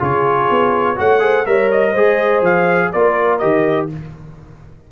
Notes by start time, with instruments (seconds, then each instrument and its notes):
0.00 tuba C#3, trombone F4, horn G#4, trumpet C#5
0.50 tuba B3
0.96 tuba A3, trombone F#4, horn C#5, trumpet F#5
1.20 trombone G#4, horn C5
1.46 tuba G3, trombone A#4, horn C#5, trumpet E5
1.71 trumpet D#5
1.92 tuba G#3, trombone G#4, horn C5
2.42 tuba F3, trumpet F5
2.93 tuba A#3, trombone F4, horn A#4, trumpet D5
3.39 tuba D#3, trombone G4, trumpet D#5